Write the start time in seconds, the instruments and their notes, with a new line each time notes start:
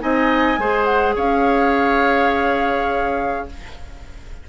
0.00 bassoon C4, clarinet D#4, oboe D#5, flute G#5
0.58 bassoon G#3, clarinet G#4, oboe C5
0.85 flute F#5
1.15 bassoon C#4, oboe C#5, flute F5